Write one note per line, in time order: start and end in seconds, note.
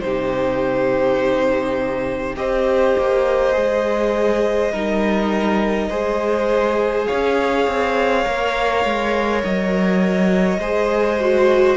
0.00 2.37 C3
0.00 2.36 D#4
0.00 2.38 G4
0.00 2.35 C5
2.36 2.95 C4
2.36 3.53 G4
2.36 4.72 C5
2.36 7.06 D#5
2.98 3.56 A#3
3.53 4.73 G#3
3.53 4.70 G#4
4.72 5.89 G3
4.72 5.90 D#4
4.72 5.90 A#4
5.89 7.06 G#3
5.89 8.24 G#4
5.89 7.07 C5
7.06 7.67 C#4
7.06 10.60 C#5
7.06 9.41 F5
7.67 8.26 C4
8.24 8.84 A#3
8.24 10.59 A#4
8.84 9.43 G#3
9.44 10.58 F#3
9.44 11.77 D#5
10.58 11.76 G#3
10.58 11.20 G#4
10.58 11.77 C5
11.21 11.77 F#4